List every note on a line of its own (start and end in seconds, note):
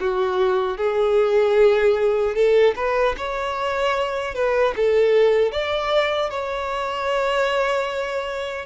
0.00 0.77 F#4
0.77 2.35 G#4
2.35 2.75 A4
2.76 3.15 B4
3.17 4.35 C#5
4.35 4.74 B4
4.76 5.52 A4
5.52 6.31 D5
6.31 8.66 C#5